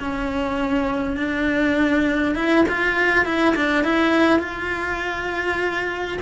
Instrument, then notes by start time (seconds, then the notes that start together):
cello
0.00 C#4
1.17 D4
2.36 E4
2.69 F4
3.26 E4
3.56 D4
3.84 E4
4.40 F4